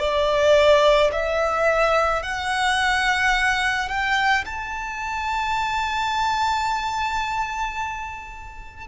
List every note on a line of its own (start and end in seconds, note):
0.00 1.11 D5
1.13 2.23 E5
2.23 3.89 F#5
3.89 4.45 G5
4.46 8.88 A5